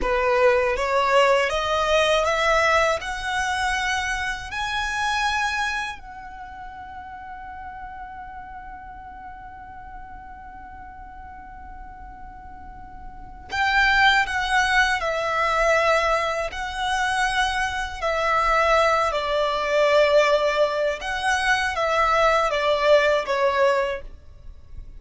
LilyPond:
\new Staff \with { instrumentName = "violin" } { \time 4/4 \tempo 4 = 80 b'4 cis''4 dis''4 e''4 | fis''2 gis''2 | fis''1~ | fis''1~ |
fis''2 g''4 fis''4 | e''2 fis''2 | e''4. d''2~ d''8 | fis''4 e''4 d''4 cis''4 | }